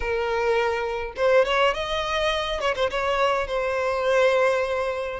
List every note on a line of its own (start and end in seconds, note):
0.00 1.13 A#4
1.16 1.45 C5
1.45 1.74 C#5
1.74 2.60 D#5
2.60 2.74 C#5
2.75 2.90 C5
2.90 3.47 C#5
3.47 5.19 C5